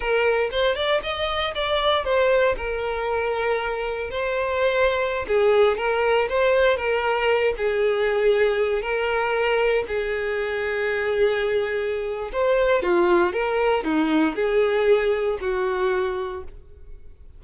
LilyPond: \new Staff \with { instrumentName = "violin" } { \time 4/4 \tempo 4 = 117 ais'4 c''8 d''8 dis''4 d''4 | c''4 ais'2. | c''2~ c''16 gis'4 ais'8.~ | ais'16 c''4 ais'4. gis'4~ gis'16~ |
gis'4~ gis'16 ais'2 gis'8.~ | gis'1 | c''4 f'4 ais'4 dis'4 | gis'2 fis'2 | }